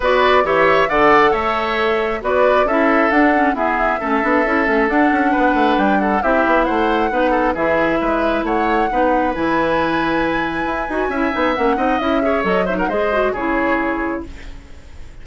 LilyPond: <<
  \new Staff \with { instrumentName = "flute" } { \time 4/4 \tempo 4 = 135 d''4 e''4 fis''4 e''4~ | e''4 d''4 e''4 fis''4 | e''2. fis''4~ | fis''4 g''8 fis''8 e''4 fis''4~ |
fis''4 e''2 fis''4~ | fis''4 gis''2.~ | gis''2 fis''4 e''4 | dis''8 e''16 fis''16 dis''4 cis''2 | }
  \new Staff \with { instrumentName = "oboe" } { \time 4/4 b'4 cis''4 d''4 cis''4~ | cis''4 b'4 a'2 | gis'4 a'2. | b'4. a'8 g'4 c''4 |
b'8 a'8 gis'4 b'4 cis''4 | b'1~ | b'4 e''4. dis''4 cis''8~ | cis''8 c''16 ais'16 c''4 gis'2 | }
  \new Staff \with { instrumentName = "clarinet" } { \time 4/4 fis'4 g'4 a'2~ | a'4 fis'4 e'4 d'8 cis'8 | b4 cis'8 d'8 e'8 cis'8 d'4~ | d'2 e'2 |
dis'4 e'2. | dis'4 e'2.~ | e'8 fis'8 e'8 dis'8 cis'8 dis'8 e'8 gis'8 | a'8 dis'8 gis'8 fis'8 e'2 | }
  \new Staff \with { instrumentName = "bassoon" } { \time 4/4 b4 e4 d4 a4~ | a4 b4 cis'4 d'4 | e'4 a8 b8 cis'8 a8 d'8 cis'8 | b8 a8 g4 c'8 b8 a4 |
b4 e4 gis4 a4 | b4 e2. | e'8 dis'8 cis'8 b8 ais8 c'8 cis'4 | fis4 gis4 cis2 | }
>>